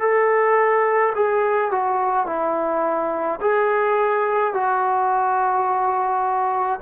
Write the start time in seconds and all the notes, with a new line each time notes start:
0.00 A4
1.15 G#4
1.71 F#4
2.26 E4
3.41 G#4
4.54 F#4